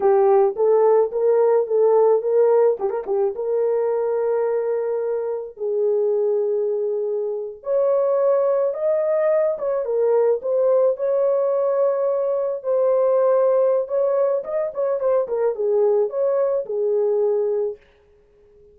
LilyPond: \new Staff \with { instrumentName = "horn" } { \time 4/4 \tempo 4 = 108 g'4 a'4 ais'4 a'4 | ais'4 g'16 ais'16 g'8 ais'2~ | ais'2 gis'2~ | gis'4.~ gis'16 cis''2 dis''16~ |
dis''4~ dis''16 cis''8 ais'4 c''4 cis''16~ | cis''2~ cis''8. c''4~ c''16~ | c''4 cis''4 dis''8 cis''8 c''8 ais'8 | gis'4 cis''4 gis'2 | }